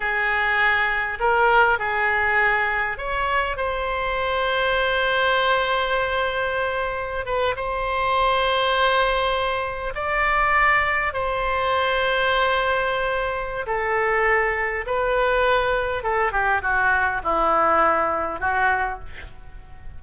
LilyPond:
\new Staff \with { instrumentName = "oboe" } { \time 4/4 \tempo 4 = 101 gis'2 ais'4 gis'4~ | gis'4 cis''4 c''2~ | c''1~ | c''16 b'8 c''2.~ c''16~ |
c''8. d''2 c''4~ c''16~ | c''2. a'4~ | a'4 b'2 a'8 g'8 | fis'4 e'2 fis'4 | }